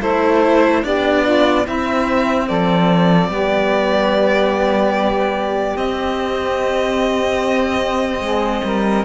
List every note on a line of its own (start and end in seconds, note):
0.00 0.84 A3
0.00 0.83 E4
0.00 0.82 A4
0.00 0.84 C5
0.83 1.67 B3
0.83 1.65 D4
0.83 1.24 G4
0.83 1.66 D5
1.24 1.64 F4
1.64 3.31 C4
1.64 2.50 C4
1.64 2.46 E4
1.64 2.48 E5
2.48 3.28 F3
2.48 3.30 A4
2.48 5.77 D5
3.28 5.75 G3
3.28 5.77 B3
3.28 8.22 G4
5.76 8.21 C4
5.76 9.05 C4
5.76 9.05 D#5
8.21 8.62 G#3
8.21 8.63 G#4
8.64 9.05 G3
8.64 9.05 A#4